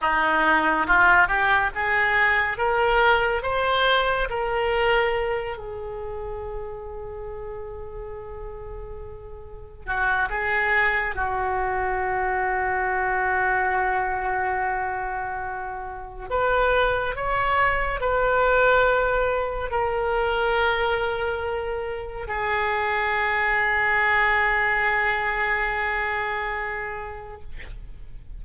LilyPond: \new Staff \with { instrumentName = "oboe" } { \time 4/4 \tempo 4 = 70 dis'4 f'8 g'8 gis'4 ais'4 | c''4 ais'4. gis'4.~ | gis'2.~ gis'8 fis'8 | gis'4 fis'2.~ |
fis'2. b'4 | cis''4 b'2 ais'4~ | ais'2 gis'2~ | gis'1 | }